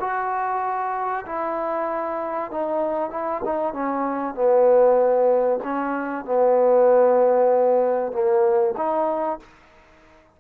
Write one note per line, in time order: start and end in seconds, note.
0.00 1.25 F#4
1.26 2.51 E4
2.51 3.10 D#4
3.10 3.41 E4
3.45 3.73 D#4
3.73 4.35 C#4
4.35 5.60 B3
5.64 6.25 C#4
6.25 8.12 B3
8.12 8.75 A#3
8.77 9.39 D#4